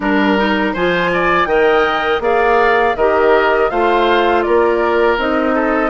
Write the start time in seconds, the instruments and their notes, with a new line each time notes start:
0.00 bassoon G3, clarinet D4, oboe A#4, flute A#4
0.37 clarinet D#4
0.73 bassoon F3, clarinet F4, oboe C5, flute G#5
1.13 oboe D5
1.45 bassoon D#3, clarinet A#4, oboe D#5, flute G5
2.19 bassoon A#3, clarinet G#4, oboe D5, flute F5
2.96 bassoon D#3, clarinet G4, oboe A#4, flute D#5
3.70 bassoon A3, clarinet F4, oboe C5, flute F5
4.42 bassoon A#3, oboe A#4, flute D5
5.17 bassoon C4, clarinet D#4, flute D#5
5.54 oboe A4